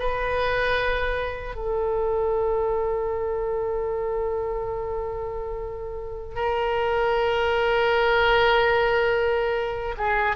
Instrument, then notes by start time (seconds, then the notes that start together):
oboe
0.00 B4
1.56 A4
6.36 A#4
9.98 G#4